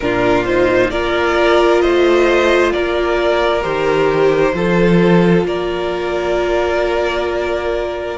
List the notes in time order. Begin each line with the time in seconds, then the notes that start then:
0.00 A#2 D4 F4 A#4
0.45 D#4 C5
0.90 A#3 F4 A#4 D5
1.80 A3 C5 D#5
2.72 A#3 A#4 D5
3.62 D#3 G4 C5
4.54 F3 F4 A4
5.44 A#3 A#4 D5